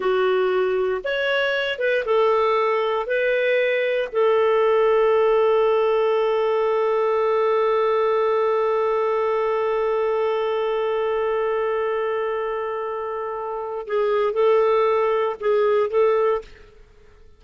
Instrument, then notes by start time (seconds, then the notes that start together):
clarinet
0.00 F#4
1.03 C#5
1.79 B4
2.05 A4
3.06 B4
4.12 A4
13.86 G#4
14.33 A4
15.40 G#4
15.90 A4